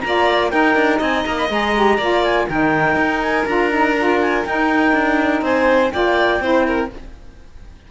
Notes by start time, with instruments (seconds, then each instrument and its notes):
0.00 cello A#3, saxophone F4, clarinet A#5
0.06 violin D5
0.50 saxophone D#4, cello D#4, violin A#4, clarinet G5
0.75 cello D4
0.98 cello C4, violin D#5, clarinet G#5
1.24 cello A#3, clarinet A#5
1.37 clarinet B5
1.49 cello G#3, saxophone G#4, clarinet A#5
1.74 saxophone G4
1.97 cello A#3, saxophone F4, violin D5
2.23 clarinet G#5
2.49 cello D#3, saxophone D#4, violin A#4, clarinet G5
2.95 cello D#4
3.22 clarinet G#5
3.45 cello D4, saxophone F4, clarinet A#5
3.70 saxophone D#4
3.98 saxophone F4
4.20 clarinet G#5
4.45 saxophone D#4, cello D#4, clarinet G5
4.92 cello D4
5.41 cello C4, violin C5, clarinet G#5
5.91 cello A#3, saxophone F4, violin D5, clarinet G5
6.40 cello C4, saxophone E4, violin C5
6.66 violin A#4